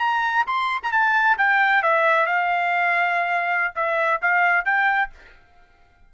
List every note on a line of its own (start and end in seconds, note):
0.00 0.45 A#5
0.47 0.81 C6
0.84 0.92 A#5
0.92 1.38 A5
1.38 1.83 G5
1.83 2.27 E5
2.27 3.74 F5
3.76 4.21 E5
4.22 4.65 F5
4.65 5.11 G5